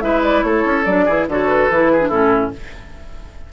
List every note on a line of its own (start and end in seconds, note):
0.00 0.43 G#3
0.00 0.84 E4
0.00 0.45 B4
0.00 0.21 E5
0.23 0.42 D5
0.42 0.64 A3
0.42 1.05 A4
0.42 0.84 C#5
0.64 0.85 C#4
0.84 1.06 F#3
0.84 1.08 D4
0.84 1.26 D5
1.05 1.27 E3
1.05 1.29 E4
1.05 1.26 G#4
1.27 1.69 D3
1.27 1.71 F#4
1.27 1.92 A4
1.27 1.47 C#5
1.47 2.08 B4
1.69 2.10 E3
1.69 2.00 E4
1.92 2.08 G#4
2.00 2.10 D4
2.08 2.51 A2
2.08 2.52 C#4
2.08 2.49 E4
2.08 2.50 A4